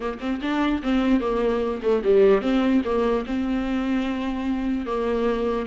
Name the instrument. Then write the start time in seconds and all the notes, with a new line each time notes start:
viola
0.00 A#3
0.20 C4
0.41 D4
0.82 C4
1.20 A#3
1.82 A3
2.04 G3
2.41 C4
2.84 A#3
3.26 C4
4.86 A#3